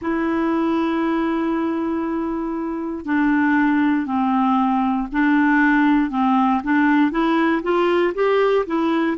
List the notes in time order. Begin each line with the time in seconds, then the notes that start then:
0.01 E4
3.05 D4
4.06 C4
5.12 D4
6.10 C4
6.63 D4
7.11 E4
7.63 F4
8.14 G4
8.66 E4